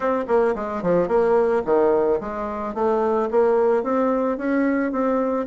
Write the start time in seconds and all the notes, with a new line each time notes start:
0.00 C4
0.27 A#3
0.55 G#3
0.82 F3
1.08 A#3
1.65 D#3
2.20 G#3
2.74 A3
3.30 A#3
3.83 C4
4.37 C#4
4.91 C4